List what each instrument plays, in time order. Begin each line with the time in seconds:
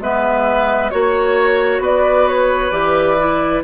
0.00 bassoon G#3, clarinet B3, oboe B4, flute E5
0.90 bassoon A#3, clarinet F#4, flute C#5, oboe C#5
1.79 bassoon B3, oboe B4, flute D5
2.28 flute C#5
2.71 bassoon E3, clarinet G4, flute D5
3.19 clarinet E4